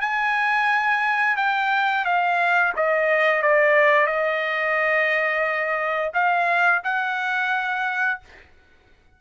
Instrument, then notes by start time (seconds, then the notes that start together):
trumpet
0.00 G#5
1.36 G5
2.05 F5
2.76 D#5
3.42 D5
4.06 D#5
6.13 F5
6.84 F#5